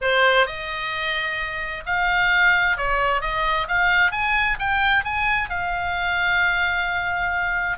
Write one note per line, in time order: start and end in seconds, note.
0.01 0.46 C5
0.46 1.83 D#5
1.85 2.77 F5
2.77 3.21 C#5
3.21 3.67 D#5
3.67 4.11 F5
4.11 4.57 G#5
4.59 5.04 G5
5.04 5.49 G#5
5.49 7.78 F5